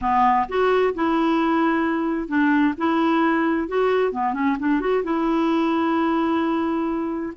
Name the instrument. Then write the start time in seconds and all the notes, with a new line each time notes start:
clarinet
0.01 B3
0.48 F#4
0.94 E4
2.28 D4
2.77 E4
3.68 F#4
4.11 B3
4.33 C#4
4.59 D4
4.80 F#4
5.03 E4